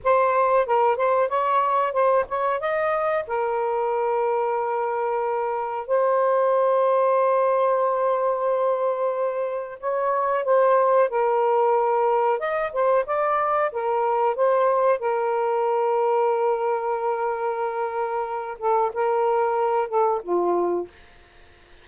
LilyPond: \new Staff \with { instrumentName = "saxophone" } { \time 4/4 \tempo 4 = 92 c''4 ais'8 c''8 cis''4 c''8 cis''8 | dis''4 ais'2.~ | ais'4 c''2.~ | c''2. cis''4 |
c''4 ais'2 dis''8 c''8 | d''4 ais'4 c''4 ais'4~ | ais'1~ | ais'8 a'8 ais'4. a'8 f'4 | }